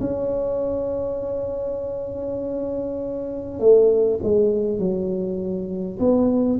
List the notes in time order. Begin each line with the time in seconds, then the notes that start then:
0.00 C#4
3.60 A3
4.23 G#3
4.79 F#3
5.99 B3